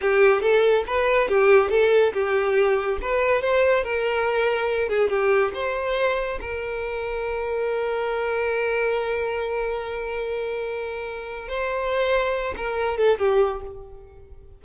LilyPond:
\new Staff \with { instrumentName = "violin" } { \time 4/4 \tempo 4 = 141 g'4 a'4 b'4 g'4 | a'4 g'2 b'4 | c''4 ais'2~ ais'8 gis'8 | g'4 c''2 ais'4~ |
ais'1~ | ais'1~ | ais'2. c''4~ | c''4. ais'4 a'8 g'4 | }